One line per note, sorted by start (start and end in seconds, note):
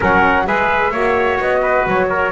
0.00 0.46 F#3
0.00 0.45 C#4
0.00 0.46 A#4
0.00 0.46 F#5
0.45 0.92 G#3
0.45 0.91 G#4
0.45 0.91 B4
0.45 1.39 E5
0.91 1.38 A#3
0.91 2.31 F#4
0.91 1.61 C#5
1.39 1.86 B3
1.39 1.87 D#5
1.61 2.08 B4
1.86 2.31 F#3
1.86 2.31 C#5
2.09 2.31 A#4